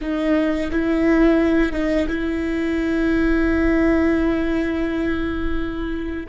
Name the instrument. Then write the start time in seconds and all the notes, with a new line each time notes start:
viola
0.01 D#4
0.71 E4
1.72 D#4
2.08 E4